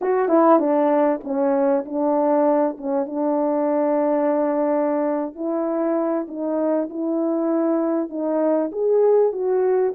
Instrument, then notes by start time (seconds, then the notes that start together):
horn
0.01 F#4
0.28 E4
0.59 D4
1.23 C#4
1.85 D4
2.77 C#4
3.06 D4
5.35 E4
6.28 D#4
6.89 E4
8.09 D#4
8.71 G#4
9.32 F#4